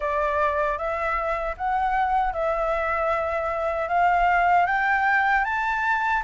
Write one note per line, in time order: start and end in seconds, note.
0.00 0.78 D5
0.78 1.55 E5
1.57 2.33 F#5
2.33 3.88 E5
3.88 4.66 F5
4.66 5.44 G5
5.44 6.22 A5